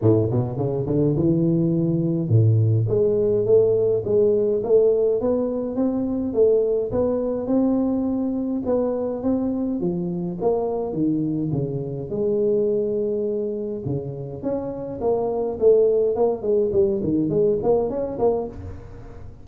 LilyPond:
\new Staff \with { instrumentName = "tuba" } { \time 4/4 \tempo 4 = 104 a,8 b,8 cis8 d8 e2 | a,4 gis4 a4 gis4 | a4 b4 c'4 a4 | b4 c'2 b4 |
c'4 f4 ais4 dis4 | cis4 gis2. | cis4 cis'4 ais4 a4 | ais8 gis8 g8 dis8 gis8 ais8 cis'8 ais8 | }